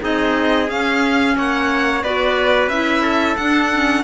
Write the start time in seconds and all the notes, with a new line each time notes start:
0.00 C4 D#4 G#4 D#5
0.68 C#4 F5
1.36 A#3 C#5 F#5
2.03 B3 F#4 B4 D5
2.68 C#4 E4 E5
3.02 A4
3.37 D4 F#5
3.72 C#4